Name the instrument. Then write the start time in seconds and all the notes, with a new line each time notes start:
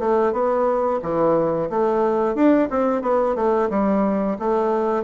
bassoon
0.00 A3
0.33 B3
1.02 E3
1.70 A3
2.35 D4
2.71 C4
3.02 B3
3.36 A3
3.70 G3
4.40 A3